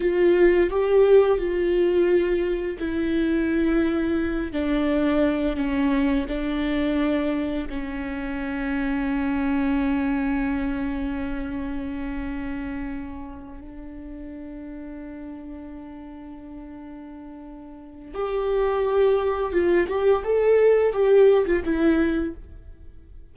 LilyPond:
\new Staff \with { instrumentName = "viola" } { \time 4/4 \tempo 4 = 86 f'4 g'4 f'2 | e'2~ e'8 d'4. | cis'4 d'2 cis'4~ | cis'1~ |
cis'2.~ cis'8 d'8~ | d'1~ | d'2 g'2 | f'8 g'8 a'4 g'8. f'16 e'4 | }